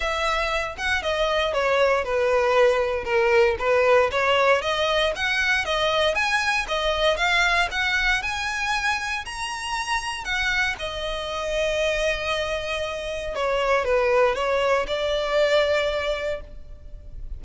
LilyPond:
\new Staff \with { instrumentName = "violin" } { \time 4/4 \tempo 4 = 117 e''4. fis''8 dis''4 cis''4 | b'2 ais'4 b'4 | cis''4 dis''4 fis''4 dis''4 | gis''4 dis''4 f''4 fis''4 |
gis''2 ais''2 | fis''4 dis''2.~ | dis''2 cis''4 b'4 | cis''4 d''2. | }